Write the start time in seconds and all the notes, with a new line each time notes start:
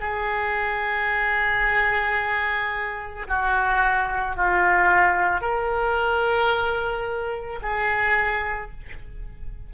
0.00 G#4
3.28 F#4
4.36 F4
5.41 A#4
7.62 G#4